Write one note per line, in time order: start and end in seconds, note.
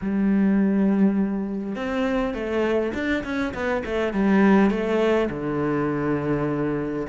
0.01 1.75 G3
1.75 2.34 C4
2.34 2.93 A3
2.94 3.23 D4
3.24 3.53 C#4
3.53 3.83 B3
3.85 4.13 A3
4.13 4.70 G3
4.70 5.29 A3
5.30 7.06 D3